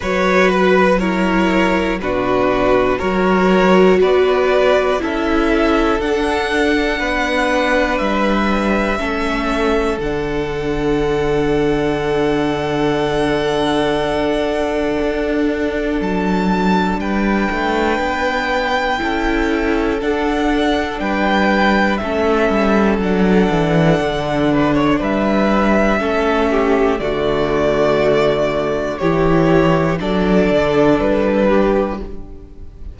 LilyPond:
<<
  \new Staff \with { instrumentName = "violin" } { \time 4/4 \tempo 4 = 60 cis''8 b'8 cis''4 b'4 cis''4 | d''4 e''4 fis''2 | e''2 fis''2~ | fis''1 |
a''4 g''2. | fis''4 g''4 e''4 fis''4~ | fis''4 e''2 d''4~ | d''4 cis''4 d''4 b'4 | }
  \new Staff \with { instrumentName = "violin" } { \time 4/4 b'4 ais'4 fis'4 ais'4 | b'4 a'2 b'4~ | b'4 a'2.~ | a'1~ |
a'4 b'2 a'4~ | a'4 b'4 a'2~ | a'8 b'16 cis''16 b'4 a'8 g'8 fis'4~ | fis'4 g'4 a'4. g'8 | }
  \new Staff \with { instrumentName = "viola" } { \time 4/4 fis'4 e'4 d'4 fis'4~ | fis'4 e'4 d'2~ | d'4 cis'4 d'2~ | d'1~ |
d'2. e'4 | d'2 cis'4 d'4~ | d'2 cis'4 a4~ | a4 e'4 d'2 | }
  \new Staff \with { instrumentName = "cello" } { \time 4/4 fis2 b,4 fis4 | b4 cis'4 d'4 b4 | g4 a4 d2~ | d2. d'4 |
fis4 g8 a8 b4 cis'4 | d'4 g4 a8 g8 fis8 e8 | d4 g4 a4 d4~ | d4 e4 fis8 d8 g4 | }
>>